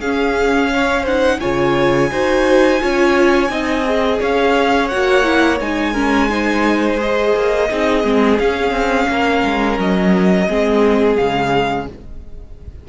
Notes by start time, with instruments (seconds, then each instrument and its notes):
0.00 cello C#4, viola C#4, violin G#4 F5
0.74 violin C#5
1.02 viola D#4, violin C5 F#5
1.40 cello C#3, viola F4, violin C#5 G#5
2.11 cello D#4, viola F#4, violin C5
2.80 cello C#4, viola F4, violin C#5
3.50 cello C4, viola D#4, violin D#5
3.85 viola G#4
4.19 cello C#4, violin C#5 F5
4.88 cello A#3, viola F#4, violin F#5
5.24 viola E4
5.60 cello G#3, viola D#4, violin G#5
5.93 viola C#4, violin A#4
6.30 viola D#4, violin C5
6.98 viola G#4, violin D#5
7.35 cello A#3
7.70 cello C4, viola D#4, violin G#4
8.04 cello G#3, viola C4
8.39 viola C#4, cello C#4, violin F5
8.71 cello C4
9.09 cello A#3, violin A#4
9.44 cello G#3
9.78 cello F#3, violin D#5
10.49 cello G#3, viola C4, violin G#4
11.17 cello C#3, viola G#3, violin F5